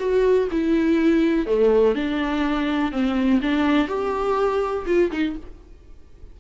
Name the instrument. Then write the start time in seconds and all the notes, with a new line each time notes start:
viola
0.00 F#4
0.52 E4
1.47 A3
1.95 D4
2.92 C4
3.42 D4
3.88 G4
4.87 F4
5.12 D#4